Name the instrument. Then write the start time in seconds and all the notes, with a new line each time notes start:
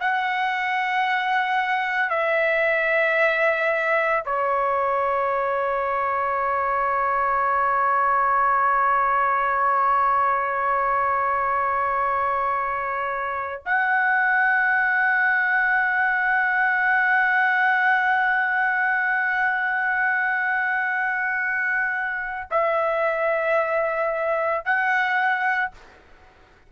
trumpet
0.00 F#5
2.10 E5
4.26 C#5
13.66 F#5
22.51 E5
24.65 F#5